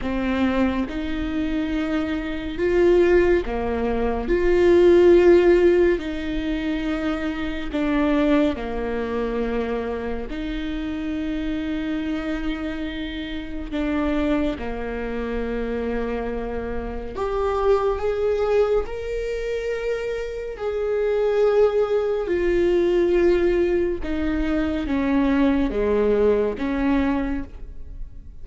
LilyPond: \new Staff \with { instrumentName = "viola" } { \time 4/4 \tempo 4 = 70 c'4 dis'2 f'4 | ais4 f'2 dis'4~ | dis'4 d'4 ais2 | dis'1 |
d'4 ais2. | g'4 gis'4 ais'2 | gis'2 f'2 | dis'4 cis'4 gis4 cis'4 | }